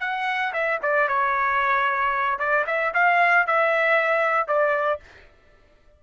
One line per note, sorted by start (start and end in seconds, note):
0.00 0.53 F#5
0.53 0.79 E5
0.82 1.08 D5
1.08 2.39 C#5
2.39 2.65 D5
2.67 2.93 E5
2.94 3.47 F5
3.47 4.48 E5
4.48 5.00 D5